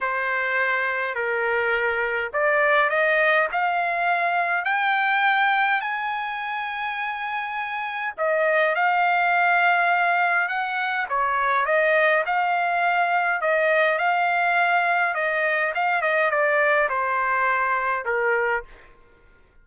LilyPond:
\new Staff \with { instrumentName = "trumpet" } { \time 4/4 \tempo 4 = 103 c''2 ais'2 | d''4 dis''4 f''2 | g''2 gis''2~ | gis''2 dis''4 f''4~ |
f''2 fis''4 cis''4 | dis''4 f''2 dis''4 | f''2 dis''4 f''8 dis''8 | d''4 c''2 ais'4 | }